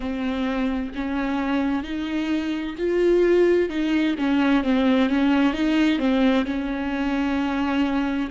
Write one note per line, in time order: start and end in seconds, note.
0.00 0.92 C4
0.94 1.83 C#4
1.83 2.75 D#4
2.77 3.69 F4
3.69 4.15 D#4
4.17 4.63 C#4
4.63 5.09 C4
5.09 5.53 C#4
5.53 5.98 D#4
5.98 6.44 C4
6.45 8.30 C#4